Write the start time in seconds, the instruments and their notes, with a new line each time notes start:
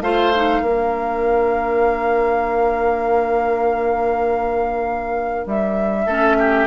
0.00 bassoon A3, clarinet F4, oboe C5, flute F5
0.35 clarinet D#4
0.62 bassoon A#3, clarinet D4, oboe A#4
5.46 bassoon G3, flute E5
6.06 bassoon A3, clarinet C#4, oboe A4
6.38 oboe G4